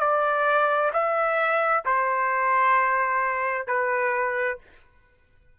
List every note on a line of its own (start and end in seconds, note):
0.00 0.91 D5
0.93 1.84 E5
1.85 3.67 C5
3.67 4.58 B4